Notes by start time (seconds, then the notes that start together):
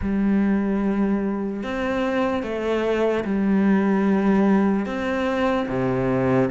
0.01 G3
1.63 C4
2.43 A3
3.24 G3
4.86 C4
5.68 C3